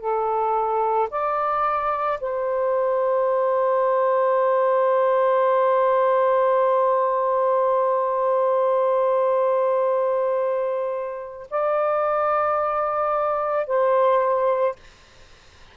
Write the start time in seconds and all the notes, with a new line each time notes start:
0.00 A4
1.11 D5
2.21 C5
11.51 D5
13.67 C5